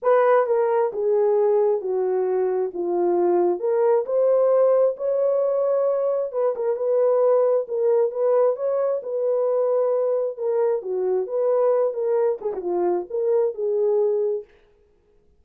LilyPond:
\new Staff \with { instrumentName = "horn" } { \time 4/4 \tempo 4 = 133 b'4 ais'4 gis'2 | fis'2 f'2 | ais'4 c''2 cis''4~ | cis''2 b'8 ais'8 b'4~ |
b'4 ais'4 b'4 cis''4 | b'2. ais'4 | fis'4 b'4. ais'4 gis'16 fis'16 | f'4 ais'4 gis'2 | }